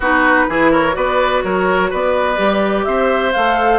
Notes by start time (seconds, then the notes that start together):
0.00 B3 D#4 F#4 B4
0.48 E3 E4 G#4
0.71 A#4 C#5
0.92 B3 F#4 B4 D5
1.44 F#3 A#4 C#5
1.90 B3 B4 D5
2.36 G3 G4
2.84 C4 C5 E5
3.32 A3 A4 F5